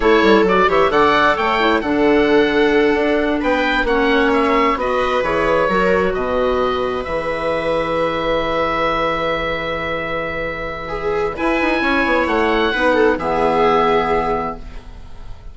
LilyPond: <<
  \new Staff \with { instrumentName = "oboe" } { \time 4/4 \tempo 4 = 132 cis''4 d''8 e''8 fis''4 g''4 | fis''2.~ fis''8 g''8~ | g''8 fis''4 e''4 dis''4 cis''8~ | cis''4. dis''2 e''8~ |
e''1~ | e''1~ | e''4 gis''2 fis''4~ | fis''4 e''2. | }
  \new Staff \with { instrumentName = "viola" } { \time 4/4 a'4. cis''8 d''4 cis''4 | a'2.~ a'8 b'8~ | b'8 cis''2 b'4.~ | b'8 ais'4 b'2~ b'8~ |
b'1~ | b'1 | gis'4 b'4 cis''2 | b'8 a'8 gis'2. | }
  \new Staff \with { instrumentName = "clarinet" } { \time 4/4 e'4 fis'8 g'8 a'4. e'8 | d'1~ | d'8 cis'2 fis'4 gis'8~ | gis'8 fis'2. gis'8~ |
gis'1~ | gis'1~ | gis'4 e'2. | dis'4 b2. | }
  \new Staff \with { instrumentName = "bassoon" } { \time 4/4 a8 g8 fis8 e8 d4 a4 | d2~ d8 d'4 b8~ | b8 ais2 b4 e8~ | e8 fis4 b,2 e8~ |
e1~ | e1~ | e4 e'8 dis'8 cis'8 b8 a4 | b4 e2. | }
>>